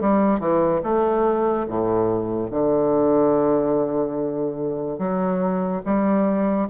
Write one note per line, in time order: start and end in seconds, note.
0.00 0.39 G3
0.39 0.81 E3
0.83 1.66 A3
1.68 2.50 A2
2.50 4.98 D3
4.98 5.81 F#3
5.85 6.68 G3